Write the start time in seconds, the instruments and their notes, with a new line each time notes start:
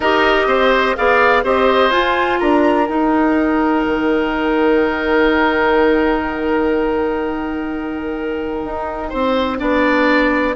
0.00 bassoon D#4, clarinet G4, oboe A#4, flute D#5
0.46 bassoon C4, oboe C5
0.96 bassoon B3, clarinet G#4, oboe D5, flute F5
1.43 bassoon C4, clarinet G4, oboe C5, flute D#5
1.90 bassoon F4, clarinet F4, flute G#5
2.39 bassoon D4, oboe A#4, flute A#5
2.86 clarinet D#4, bassoon D#4, flute G5
3.85 bassoon D#3
8.64 bassoon D#4
9.09 bassoon C4, oboe C5
9.58 bassoon B3, clarinet D4, oboe D5